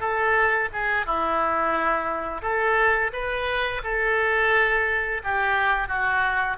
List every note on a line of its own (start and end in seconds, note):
0.00 0.69 A4
0.73 1.06 G#4
1.06 2.42 E4
2.42 3.11 A4
3.13 3.82 B4
3.84 5.22 A4
5.24 5.88 G4
5.88 6.57 F#4